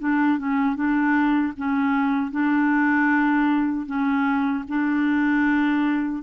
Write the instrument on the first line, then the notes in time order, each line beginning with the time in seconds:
clarinet
0.00 D4
0.39 C#4
0.76 D4
1.57 C#4
2.32 D4
3.87 C#4
4.69 D4